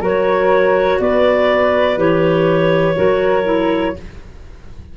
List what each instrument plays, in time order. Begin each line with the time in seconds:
0.00 tuba F#3, clarinet F#4 C#5, flute A#4
0.99 tuba B3, flute B4, clarinet D5
1.97 tuba E3, clarinet G4 C#5
2.96 tuba F#3, clarinet F#4, flute A#4
3.44 clarinet E4